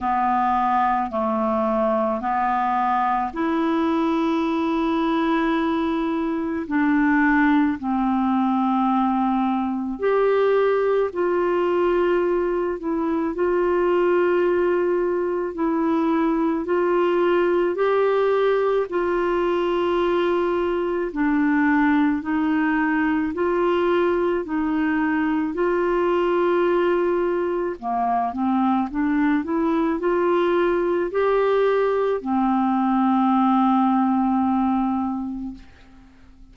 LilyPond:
\new Staff \with { instrumentName = "clarinet" } { \time 4/4 \tempo 4 = 54 b4 a4 b4 e'4~ | e'2 d'4 c'4~ | c'4 g'4 f'4. e'8 | f'2 e'4 f'4 |
g'4 f'2 d'4 | dis'4 f'4 dis'4 f'4~ | f'4 ais8 c'8 d'8 e'8 f'4 | g'4 c'2. | }